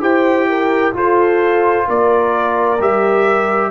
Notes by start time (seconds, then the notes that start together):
0.00 E4 G4 C5 G5
0.49 A#4
0.93 F4 A4 C5
1.87 A#3 A#4 D5
2.79 G3 G4 E5